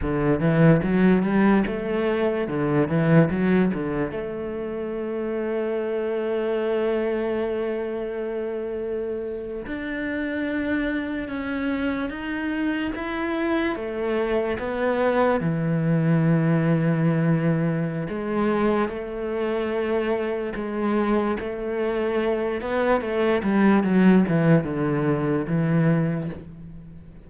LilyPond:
\new Staff \with { instrumentName = "cello" } { \time 4/4 \tempo 4 = 73 d8 e8 fis8 g8 a4 d8 e8 | fis8 d8 a2.~ | a2.~ a8. d'16~ | d'4.~ d'16 cis'4 dis'4 e'16~ |
e'8. a4 b4 e4~ e16~ | e2 gis4 a4~ | a4 gis4 a4. b8 | a8 g8 fis8 e8 d4 e4 | }